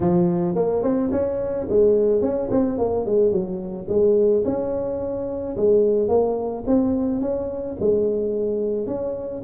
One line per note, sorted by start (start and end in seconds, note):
0.00 0.55 F3
0.55 0.82 A#3
0.82 1.10 C4
1.11 1.67 C#4
1.69 2.21 G#3
2.21 2.49 C#4
2.51 2.78 C4
2.78 3.05 A#3
3.05 3.31 G#3
3.31 3.87 F#3
3.88 4.43 G#3
4.44 5.56 C#4
5.56 6.08 G#3
6.08 6.63 A#3
6.66 7.21 C4
7.21 7.76 C#4
7.80 8.87 G#3
8.87 9.42 C#4